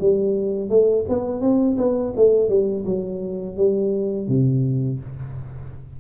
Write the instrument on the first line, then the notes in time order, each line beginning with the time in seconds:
tuba
0.00 G3
0.69 A3
1.09 B3
1.41 C4
1.78 B3
2.16 A3
2.49 G3
2.85 F#3
3.56 G3
4.28 C3